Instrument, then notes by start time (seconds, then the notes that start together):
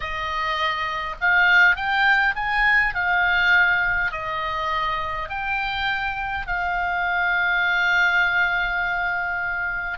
oboe
0.00 D#5
1.21 F5
1.75 G5
2.35 G#5
2.94 F5
4.11 D#5
5.29 G5
6.46 F5